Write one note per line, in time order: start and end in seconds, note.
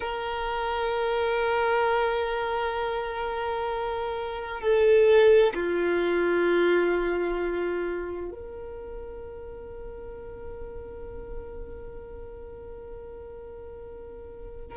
0.00 4.60 A#4
4.60 5.53 A4
5.54 8.31 F4
8.31 14.76 A#4